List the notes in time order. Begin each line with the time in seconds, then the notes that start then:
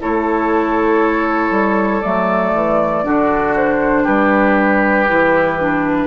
0.00 A3 E4 A4 C#5
1.50 G3
2.01 F#3 A3 D5
2.54 E3
3.04 D3 D4 F#4
3.56 C5
4.03 G3 G4 B4
5.08 E3 E4
5.59 D4